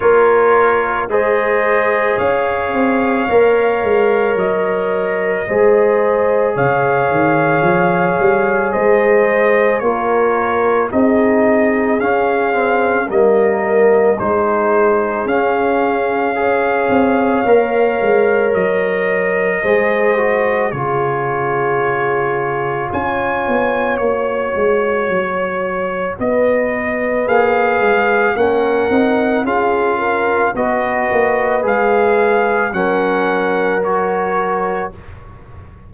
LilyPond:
<<
  \new Staff \with { instrumentName = "trumpet" } { \time 4/4 \tempo 4 = 55 cis''4 dis''4 f''2 | dis''2 f''2 | dis''4 cis''4 dis''4 f''4 | dis''4 c''4 f''2~ |
f''4 dis''2 cis''4~ | cis''4 gis''4 cis''2 | dis''4 f''4 fis''4 f''4 | dis''4 f''4 fis''4 cis''4 | }
  \new Staff \with { instrumentName = "horn" } { \time 4/4 ais'4 c''4 cis''2~ | cis''4 c''4 cis''2 | c''4 ais'4 gis'2 | ais'4 gis'2 cis''4~ |
cis''2 c''4 gis'4~ | gis'4 cis''2. | b'2 ais'4 gis'8 ais'8 | b'2 ais'2 | }
  \new Staff \with { instrumentName = "trombone" } { \time 4/4 f'4 gis'2 ais'4~ | ais'4 gis'2.~ | gis'4 f'4 dis'4 cis'8 c'8 | ais4 dis'4 cis'4 gis'4 |
ais'2 gis'8 fis'8 f'4~ | f'2 fis'2~ | fis'4 gis'4 cis'8 dis'8 f'4 | fis'4 gis'4 cis'4 fis'4 | }
  \new Staff \with { instrumentName = "tuba" } { \time 4/4 ais4 gis4 cis'8 c'8 ais8 gis8 | fis4 gis4 cis8 dis8 f8 g8 | gis4 ais4 c'4 cis'4 | g4 gis4 cis'4. c'8 |
ais8 gis8 fis4 gis4 cis4~ | cis4 cis'8 b8 ais8 gis8 fis4 | b4 ais8 gis8 ais8 c'8 cis'4 | b8 ais8 gis4 fis2 | }
>>